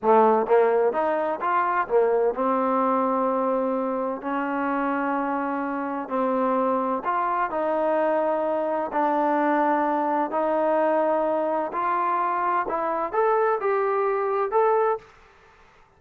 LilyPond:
\new Staff \with { instrumentName = "trombone" } { \time 4/4 \tempo 4 = 128 a4 ais4 dis'4 f'4 | ais4 c'2.~ | c'4 cis'2.~ | cis'4 c'2 f'4 |
dis'2. d'4~ | d'2 dis'2~ | dis'4 f'2 e'4 | a'4 g'2 a'4 | }